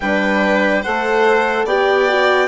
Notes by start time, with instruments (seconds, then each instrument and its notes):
0.00 bassoon G3, horn D4, violin B4, clarinet G5
0.82 bassoon A3, horn A4, violin C5, clarinet F#5
1.64 bassoon B3, horn G4, violin D5, clarinet G5
2.08 horn F#4